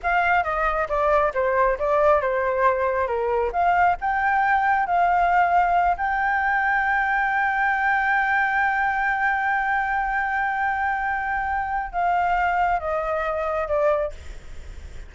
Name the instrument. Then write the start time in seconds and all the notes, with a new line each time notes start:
flute
0.02 F5
0.43 D#5
0.88 D5
1.34 C5
1.78 D5
2.21 C5
3.07 A#4
3.52 F5
4.00 G5
4.86 F5
5.97 G5
11.92 F5
12.79 D#5
13.67 D5